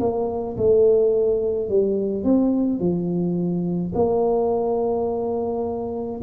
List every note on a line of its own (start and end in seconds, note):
0.00 0.57 A#3
0.57 1.69 A3
1.69 2.24 G3
2.24 2.79 C4
2.79 3.93 F3
3.95 6.21 A#3